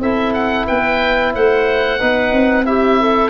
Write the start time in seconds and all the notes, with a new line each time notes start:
0.00 C4 E4 A4 E5
0.34 F#5
0.67 B3 B4 G5
1.34 A3 C5 F#5
2.00 B3 D#4 B4
2.33 C4
2.65 E4 G4 E5
3.01 A4